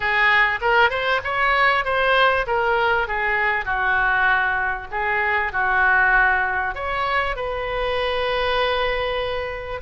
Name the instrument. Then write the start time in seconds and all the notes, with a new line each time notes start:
oboe
0.00 G#4
0.61 A#4
0.90 C5
1.24 C#5
1.84 C5
2.47 A#4
3.07 G#4
3.65 F#4
4.91 G#4
5.52 F#4
6.74 C#5
7.36 B4